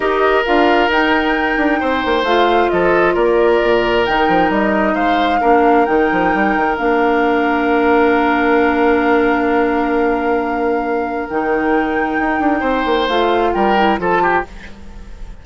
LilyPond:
<<
  \new Staff \with { instrumentName = "flute" } { \time 4/4 \tempo 4 = 133 dis''4 f''4 g''2~ | g''4 f''4 dis''4 d''4~ | d''4 g''4 dis''4 f''4~ | f''4 g''2 f''4~ |
f''1~ | f''1~ | f''4 g''2.~ | g''4 f''4 g''4 a''4 | }
  \new Staff \with { instrumentName = "oboe" } { \time 4/4 ais'1 | c''2 a'4 ais'4~ | ais'2. c''4 | ais'1~ |
ais'1~ | ais'1~ | ais'1 | c''2 ais'4 a'8 g'8 | }
  \new Staff \with { instrumentName = "clarinet" } { \time 4/4 g'4 f'4 dis'2~ | dis'4 f'2.~ | f'4 dis'2. | d'4 dis'2 d'4~ |
d'1~ | d'1~ | d'4 dis'2.~ | dis'4 f'4. e'8 f'4 | }
  \new Staff \with { instrumentName = "bassoon" } { \time 4/4 dis'4 d'4 dis'4. d'8 | c'8 ais8 a4 f4 ais4 | ais,4 dis8 f8 g4 gis4 | ais4 dis8 f8 g8 dis8 ais4~ |
ais1~ | ais1~ | ais4 dis2 dis'8 d'8 | c'8 ais8 a4 g4 f4 | }
>>